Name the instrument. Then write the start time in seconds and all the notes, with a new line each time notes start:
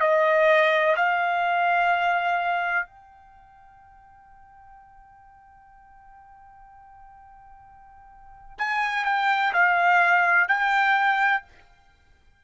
trumpet
0.00 D#5
0.96 F5
2.87 G5
8.58 G#5
9.05 G5
9.53 F5
10.48 G5